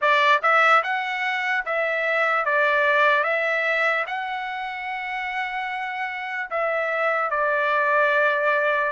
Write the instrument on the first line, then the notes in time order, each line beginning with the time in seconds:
trumpet
0.01 D5
0.42 E5
0.83 F#5
1.65 E5
2.45 D5
3.23 E5
4.06 F#5
6.50 E5
7.30 D5